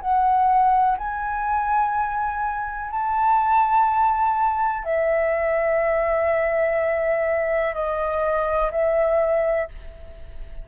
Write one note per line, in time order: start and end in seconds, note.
0.00 0.97 F#5
0.97 2.90 G#5
2.90 4.84 A5
4.84 7.74 E5
7.74 8.71 D#5
8.71 9.68 E5